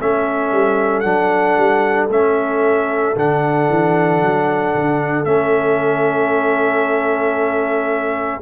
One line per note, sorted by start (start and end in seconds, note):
0.00 0.51 A3
0.00 1.04 C#4
0.00 8.42 A4
0.00 1.00 E5
0.51 1.03 G3
1.00 1.56 F#3
1.00 2.09 D4
1.00 2.05 F#5
1.57 2.09 G3
2.09 3.14 A3
2.09 3.15 C#4
2.09 3.16 E5
3.15 3.68 D3
3.15 5.25 D4
3.15 5.25 F#5
3.69 4.21 E3
4.21 4.74 F#3
4.75 5.24 D3
5.24 8.40 A3
5.24 8.41 C#4
5.24 8.40 E5